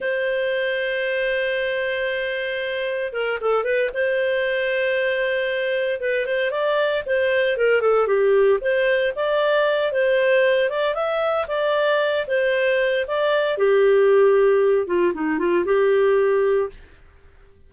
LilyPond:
\new Staff \with { instrumentName = "clarinet" } { \time 4/4 \tempo 4 = 115 c''1~ | c''2 ais'8 a'8 b'8 c''8~ | c''2.~ c''8 b'8 | c''8 d''4 c''4 ais'8 a'8 g'8~ |
g'8 c''4 d''4. c''4~ | c''8 d''8 e''4 d''4. c''8~ | c''4 d''4 g'2~ | g'8 f'8 dis'8 f'8 g'2 | }